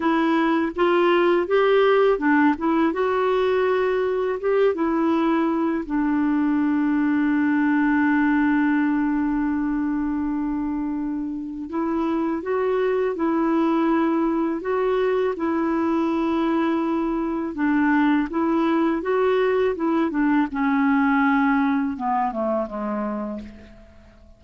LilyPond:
\new Staff \with { instrumentName = "clarinet" } { \time 4/4 \tempo 4 = 82 e'4 f'4 g'4 d'8 e'8 | fis'2 g'8 e'4. | d'1~ | d'1 |
e'4 fis'4 e'2 | fis'4 e'2. | d'4 e'4 fis'4 e'8 d'8 | cis'2 b8 a8 gis4 | }